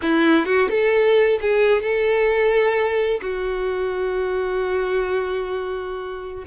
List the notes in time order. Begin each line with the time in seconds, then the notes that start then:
0.01 E4
0.45 F#4
0.70 A4
1.41 G#4
1.82 A4
3.21 F#4